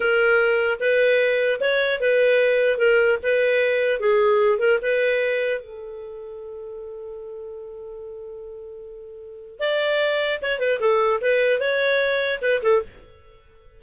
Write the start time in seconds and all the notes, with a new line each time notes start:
0.00 A#4
0.79 B4
1.60 C#5
2.00 B4
2.78 A#4
3.22 B4
3.99 G#4
4.58 A#4
4.82 B4
5.60 A4
9.59 D5
10.41 C#5
10.59 B4
10.80 A4
11.21 B4
11.60 C#5
12.41 B4
12.62 A4